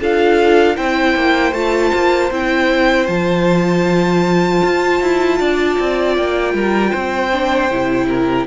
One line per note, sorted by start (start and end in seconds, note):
0.00 0.77 D4
0.00 0.76 F4
0.00 0.76 A4
0.00 0.76 F5
0.76 1.15 C4
0.76 1.53 E4
0.76 5.38 C5
0.76 1.53 G5
1.15 1.52 A#3
1.52 1.91 A3
1.52 2.31 F4
1.52 2.30 A5
1.94 2.31 A#3
2.31 3.08 C4
2.31 3.07 E4
2.31 3.07 G5
3.07 4.62 F3
3.07 7.30 F4
3.07 6.14 A5
4.63 5.01 F4
5.01 5.40 E4
5.39 5.78 D4
5.39 6.55 D5
5.79 6.17 C4
6.17 6.54 A#3
6.17 8.46 G5
6.54 6.92 G3
6.54 6.90 A#4
6.90 7.71 C4
6.90 8.06 C5
7.32 7.70 D4
7.70 8.46 C3
7.70 8.46 E4
8.08 8.46 A#4